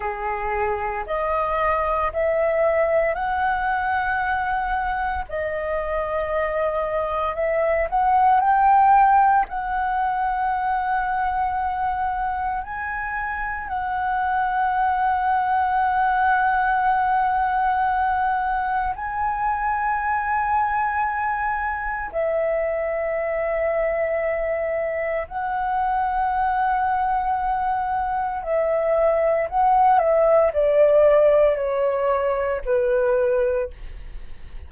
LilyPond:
\new Staff \with { instrumentName = "flute" } { \time 4/4 \tempo 4 = 57 gis'4 dis''4 e''4 fis''4~ | fis''4 dis''2 e''8 fis''8 | g''4 fis''2. | gis''4 fis''2.~ |
fis''2 gis''2~ | gis''4 e''2. | fis''2. e''4 | fis''8 e''8 d''4 cis''4 b'4 | }